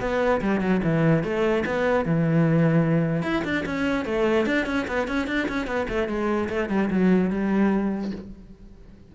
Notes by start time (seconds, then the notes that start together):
0.00 B3
0.41 G3
0.60 F#3
0.83 E3
1.23 A3
1.65 B3
2.05 E3
3.22 E4
3.44 D4
3.65 C#4
4.05 A3
4.46 D4
4.66 C#4
4.87 B3
5.07 C#4
5.27 D4
5.48 C#4
5.66 B3
5.88 A3
6.08 G#3
6.49 A3
6.69 G3
6.90 F#3
7.30 G3